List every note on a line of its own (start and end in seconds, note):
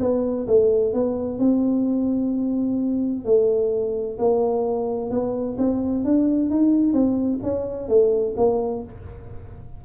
0.00 0.47 B3
0.47 0.93 A3
0.94 1.39 B3
1.39 3.25 C4
3.25 4.18 A3
4.18 5.10 A#3
5.10 5.57 B3
5.58 6.04 C4
6.04 6.50 D4
6.50 6.93 D#4
6.93 7.40 C4
7.43 7.88 C#4
7.88 8.35 A3
8.37 8.83 A#3